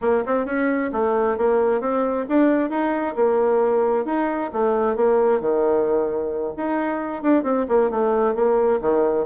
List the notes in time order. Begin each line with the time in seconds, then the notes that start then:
0.01 A#3
0.26 C4
0.45 C#4
0.92 A3
1.37 A#3
1.80 C4
2.28 D4
2.69 D#4
3.15 A#3
4.05 D#4
4.52 A3
4.95 A#3
5.40 D#3
6.57 D#4
7.22 D4
7.43 C4
7.68 A#3
7.90 A3
8.34 A#3
8.81 D#3